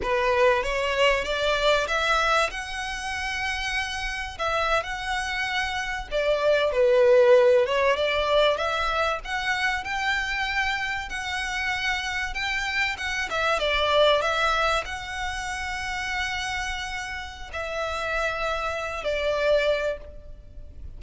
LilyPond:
\new Staff \with { instrumentName = "violin" } { \time 4/4 \tempo 4 = 96 b'4 cis''4 d''4 e''4 | fis''2. e''8. fis''16~ | fis''4.~ fis''16 d''4 b'4~ b'16~ | b'16 cis''8 d''4 e''4 fis''4 g''16~ |
g''4.~ g''16 fis''2 g''16~ | g''8. fis''8 e''8 d''4 e''4 fis''16~ | fis''1 | e''2~ e''8 d''4. | }